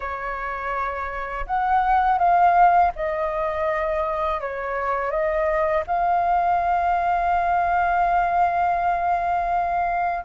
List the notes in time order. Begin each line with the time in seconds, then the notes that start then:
0.00 C#5
1.46 F#5
2.18 F5
2.95 D#5
4.40 C#5
5.10 D#5
5.87 F5